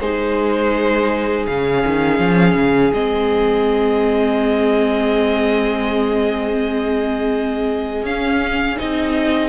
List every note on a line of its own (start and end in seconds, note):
0.00 1.47 G#3
0.00 1.49 D#4
0.00 9.50 G#4
0.00 1.46 C5
1.47 1.85 C#3
1.47 2.94 C#4
1.47 2.94 F5
1.87 2.20 D#3
2.20 2.55 F3
2.55 2.91 C#3
2.94 8.03 G#3
2.94 8.07 C4
2.94 8.06 D#5
8.03 8.76 C#4
8.03 8.77 C#4
8.03 8.79 F5
8.77 9.50 C4
8.77 9.50 D#4
8.77 9.50 D#5